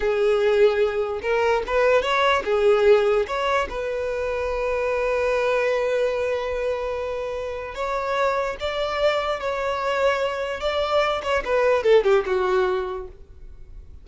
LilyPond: \new Staff \with { instrumentName = "violin" } { \time 4/4 \tempo 4 = 147 gis'2. ais'4 | b'4 cis''4 gis'2 | cis''4 b'2.~ | b'1~ |
b'2. cis''4~ | cis''4 d''2 cis''4~ | cis''2 d''4. cis''8 | b'4 a'8 g'8 fis'2 | }